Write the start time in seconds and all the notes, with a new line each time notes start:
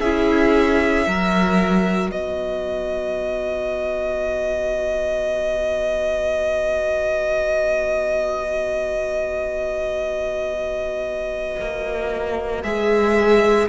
0.00 C#4 E4 G#4 E5
1.07 F#3 F#4 A#4
2.10 B3 B4 D#5
11.60 A#3
12.63 G#3 G#4 E5